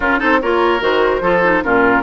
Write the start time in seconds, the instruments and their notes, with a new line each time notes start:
0.00 bassoon C#4, clarinet C#4, oboe F4, flute A#4
0.18 bassoon C4, clarinet D#4, oboe A4, flute C5
0.41 bassoon A#3, clarinet F4, oboe A#4, flute C#5
0.80 bassoon D#3, clarinet F#4, flute C5
1.20 bassoon F3, clarinet F4, oboe A4
1.43 clarinet D#4
1.63 bassoon A#2, clarinet C#4, oboe F4, flute A#4